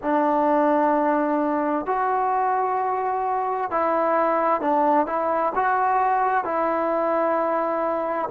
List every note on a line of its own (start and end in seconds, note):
0.02 1.86 D4
1.86 3.70 F#4
3.70 4.61 E4
4.61 5.06 D4
5.06 5.52 E4
5.55 6.44 F#4
6.44 8.29 E4